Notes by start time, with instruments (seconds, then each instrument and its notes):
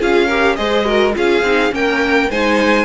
0.00 cello C#4, viola F4, violin G#4 F5
0.27 viola G4, violin A#4
0.55 cello G#3, viola G#4, violin C5 D#5
0.85 viola F#4, violin A#4
1.14 cello C#4, viola F4, violin G#4 F5
1.42 cello C4, viola D#4
1.71 cello A#3, viola C#4, violin A#4 G5
2.30 cello G#3, viola D#4, violin C5 G#5